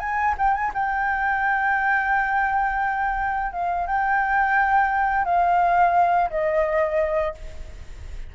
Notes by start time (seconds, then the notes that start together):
0.00 G#5
0.38 G5
0.54 G#5
0.75 G5
3.53 F5
3.87 G5
5.25 F5
6.30 D#5